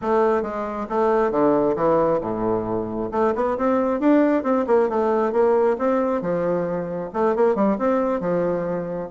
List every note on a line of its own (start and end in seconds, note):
0.01 0.42 A3
0.42 0.86 G#3
0.89 1.31 A3
1.31 1.75 D3
1.76 2.20 E3
2.20 3.09 A2
3.11 3.34 A3
3.35 3.57 B3
3.57 3.99 C4
3.99 4.43 D4
4.43 4.65 C4
4.66 4.89 A#3
4.89 5.32 A3
5.32 5.76 A#3
5.78 6.21 C4
6.21 7.10 F3
7.13 7.35 A3
7.35 7.55 A#3
7.55 7.77 G3
7.78 8.20 C4
8.20 9.09 F3